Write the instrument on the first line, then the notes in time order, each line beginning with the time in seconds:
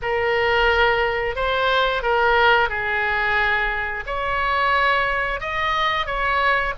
oboe
0.02 A#4
1.35 C5
2.02 A#4
2.69 G#4
4.06 C#5
5.40 D#5
6.06 C#5